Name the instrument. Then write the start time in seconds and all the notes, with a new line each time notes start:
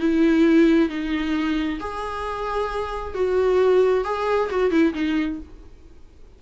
viola
0.00 E4
0.89 D#4
1.80 G#4
3.15 F#4
4.05 G#4
4.50 F#4
4.71 E4
4.94 D#4